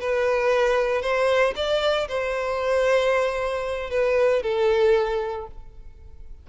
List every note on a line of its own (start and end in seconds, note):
0.00 1.02 B4
1.02 1.54 C5
1.56 2.08 D5
2.08 3.90 C5
3.90 4.43 B4
4.43 5.47 A4